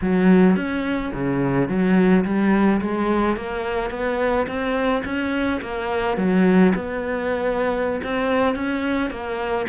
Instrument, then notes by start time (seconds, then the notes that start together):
cello
0.01 F#3
0.56 C#4
1.13 C#3
1.68 F#3
2.24 G3
2.81 G#3
3.36 A#3
3.90 B3
4.47 C4
5.04 C#4
5.61 A#3
6.17 F#3
6.75 B3
8.03 C4
8.55 C#4
9.10 A#3